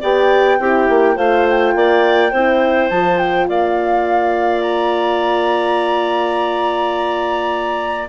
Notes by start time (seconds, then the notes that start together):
0.00 B3 G4 D5 G5
0.59 C4 E4 G4
0.89 A#3
1.16 A3 F4 C5 F5
1.49 G5
1.75 A#3 D5
2.32 C4 E4 C5
2.90 F3 F4 A5
3.19 G5
3.47 A#3 D5 F5
4.62 A#5